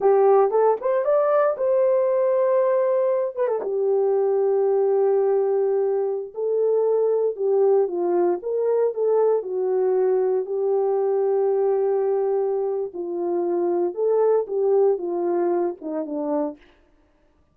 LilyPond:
\new Staff \with { instrumentName = "horn" } { \time 4/4 \tempo 4 = 116 g'4 a'8 c''8 d''4 c''4~ | c''2~ c''8 b'16 a'16 g'4~ | g'1~ | g'16 a'2 g'4 f'8.~ |
f'16 ais'4 a'4 fis'4.~ fis'16~ | fis'16 g'2.~ g'8.~ | g'4 f'2 a'4 | g'4 f'4. dis'8 d'4 | }